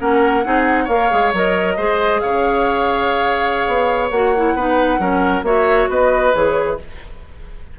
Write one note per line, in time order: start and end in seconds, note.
0.00 0.45 A#3
0.00 0.44 C#4
0.00 0.45 A#4
0.00 0.88 F#5
0.44 0.88 C4
0.44 0.88 D#4
0.44 0.84 G#4
0.84 1.10 A#3
0.84 1.73 C#5
0.84 1.32 F5
0.91 1.11 A#4
1.11 1.33 G#3
1.11 1.33 G#4
1.33 1.78 F#3
1.33 1.79 A#4
1.33 2.20 D#5
1.77 2.22 G#3
1.77 4.12 G#4
1.77 2.21 C5
2.20 3.67 C#3
2.20 4.56 C#5
2.20 4.09 F5
3.67 4.11 B3
4.11 4.54 A#3
4.11 4.35 F#4
4.11 5.44 F#5
4.36 4.58 E4
4.54 4.99 B3
4.54 4.99 D#4
4.54 5.00 B4
4.99 5.43 F#3
4.99 5.44 C#4
4.99 5.45 A#4
5.43 5.87 A#3
5.43 6.34 F#4
5.43 5.90 C#5
5.43 5.89 E5
5.90 6.34 B3
5.90 6.79 B4
5.90 6.35 D#5
6.34 6.79 E3
6.34 6.78 G#4
6.34 6.79 C#5